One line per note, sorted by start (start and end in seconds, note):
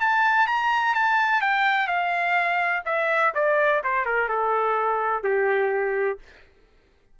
0.00 0.47 A5
0.47 0.94 A#5
0.94 1.41 A5
1.41 1.87 G5
1.87 2.82 F5
2.85 3.33 E5
3.34 3.82 D5
3.84 4.05 C5
4.05 4.29 A#4
4.29 5.23 A4
5.23 6.19 G4